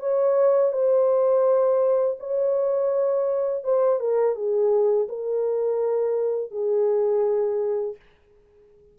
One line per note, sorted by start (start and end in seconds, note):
0.00 0.72 C#5
0.72 2.17 C5
2.19 3.64 C#5
3.64 4.00 C5
4.00 4.35 A#4
4.35 5.08 G#4
5.09 6.51 A#4
6.51 7.96 G#4